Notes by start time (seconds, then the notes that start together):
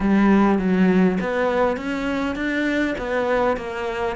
0.00 G3
0.58 F#3
1.20 B3
1.77 C#4
2.35 D4
2.98 B3
3.56 A#3